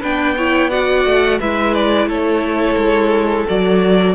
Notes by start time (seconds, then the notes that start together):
0.00 B3 D4 B4 G5
0.37 E4 C#5
0.70 F#4 D5 F#5
1.05 A3
1.40 G#3 E4 B4 E5
1.74 D5
2.07 A3 A4 C#5
2.76 G#3
3.48 F#3 F#4 D5